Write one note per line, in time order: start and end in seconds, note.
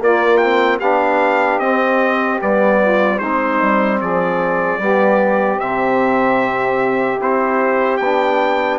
0.00 0.80 A#3
0.00 0.41 A#3
0.00 0.77 F4
0.00 0.37 D5
0.37 0.81 C4
0.37 0.77 G5
0.77 1.59 B3
0.77 1.62 D4
0.77 2.77 G4
0.77 1.59 F5
1.59 2.39 C4
1.59 2.41 C4
1.59 2.39 D#5
2.41 3.21 G3
2.41 3.21 B3
2.41 3.19 D5
2.82 3.18 F4
3.18 3.61 G#3
3.18 4.81 C4
3.18 3.98 D#4
3.18 3.99 C5
3.62 4.02 G3
4.01 4.79 F3
4.01 4.79 G#4
4.01 5.60 D5
4.79 5.59 G3
4.79 5.60 B3
4.79 8.79 G4
5.60 7.20 C3
5.60 7.20 C4
5.60 7.20 E5
7.20 8.00 C4
7.20 8.00 E4
7.20 7.98 C5
7.98 8.79 B3
7.98 8.78 G5
8.04 8.79 D4